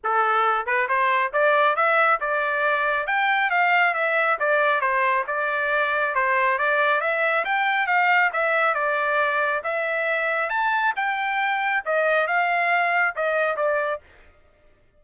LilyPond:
\new Staff \with { instrumentName = "trumpet" } { \time 4/4 \tempo 4 = 137 a'4. b'8 c''4 d''4 | e''4 d''2 g''4 | f''4 e''4 d''4 c''4 | d''2 c''4 d''4 |
e''4 g''4 f''4 e''4 | d''2 e''2 | a''4 g''2 dis''4 | f''2 dis''4 d''4 | }